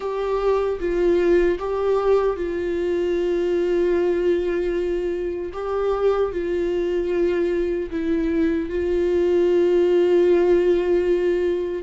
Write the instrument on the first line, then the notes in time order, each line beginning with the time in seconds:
viola
0.00 G4
0.79 F4
1.59 G4
2.36 F4
5.53 G4
6.32 F4
7.90 E4
8.69 F4